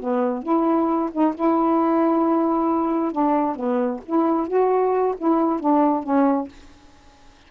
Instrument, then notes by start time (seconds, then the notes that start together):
saxophone
0.00 B3
0.43 E4
1.12 D#4
1.35 E4
3.12 D4
3.56 B3
4.06 E4
4.48 F#4
5.18 E4
5.61 D4
6.04 C#4